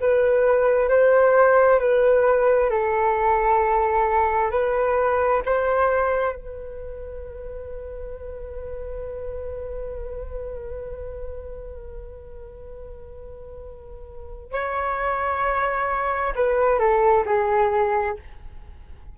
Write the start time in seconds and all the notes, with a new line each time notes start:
0.00 B4
0.89 C5
1.79 B4
2.70 A4
4.51 B4
5.45 C5
6.36 B4
14.52 C#5
16.35 B4
16.79 A4
17.25 G#4